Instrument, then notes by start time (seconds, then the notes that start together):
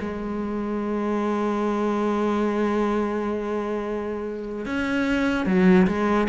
cello
0.00 G#3
4.66 C#4
5.47 F#3
5.87 G#3